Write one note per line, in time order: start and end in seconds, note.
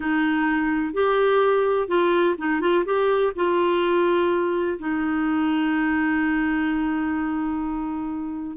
0.00 0.93 D#4
0.93 1.87 G4
1.87 2.35 F4
2.38 2.60 D#4
2.60 2.84 F4
2.85 3.32 G4
3.35 4.78 F4
4.79 8.56 D#4